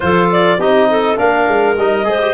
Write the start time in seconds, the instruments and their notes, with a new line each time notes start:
0.00 tuba F3, trombone F4, clarinet A4 C5
0.32 clarinet D5
0.57 tuba C4, trombone D#4, clarinet G4 D#5
0.89 clarinet A4
1.16 tuba A#3, trombone D4, clarinet A#4 F5
1.48 tuba G#3
1.76 tuba G3, trombone D#4, clarinet D#5
2.04 tuba G#3, trombone G#4, clarinet C5
2.21 trombone G4